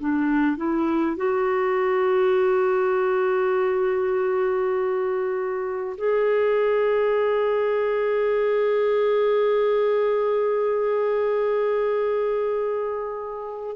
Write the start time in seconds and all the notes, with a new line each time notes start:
0.00 D4
0.57 E4
1.17 F#4
5.98 G#4